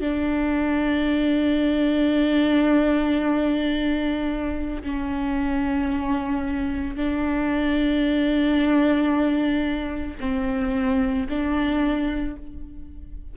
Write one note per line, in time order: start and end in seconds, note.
0.00 4.82 D4
4.83 6.95 C#4
6.95 10.17 D4
10.20 11.27 C4
11.29 12.36 D4